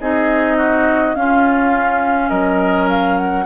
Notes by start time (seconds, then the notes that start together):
0.00 C4 D#4 G#4 D#5
0.57 F#4
1.15 C#4 F4 F5
2.29 F#3 A#4 D#5
2.89 F5
3.18 F#5